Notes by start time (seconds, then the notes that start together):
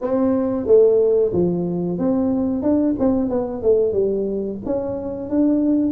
0.01 C4
0.66 A3
1.32 F3
1.98 C4
2.62 D4
2.99 C4
3.29 B3
3.62 A3
3.92 G3
4.65 C#4
5.29 D4